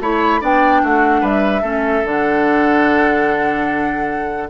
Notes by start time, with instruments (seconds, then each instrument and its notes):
0.00 bassoon A3, clarinet E4, oboe C#5, flute B5
0.40 bassoon B3, clarinet D4, oboe D5, flute G5
0.83 bassoon A3, oboe F#4, flute F#5
1.21 bassoon G3, oboe B4, flute E5
1.62 bassoon A3, clarinet C#4, oboe A4
2.04 bassoon D3, clarinet D4, flute F#5